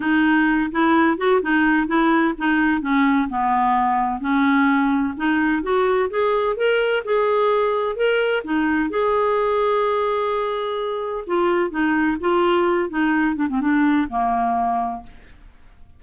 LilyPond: \new Staff \with { instrumentName = "clarinet" } { \time 4/4 \tempo 4 = 128 dis'4. e'4 fis'8 dis'4 | e'4 dis'4 cis'4 b4~ | b4 cis'2 dis'4 | fis'4 gis'4 ais'4 gis'4~ |
gis'4 ais'4 dis'4 gis'4~ | gis'1 | f'4 dis'4 f'4. dis'8~ | dis'8 d'16 c'16 d'4 ais2 | }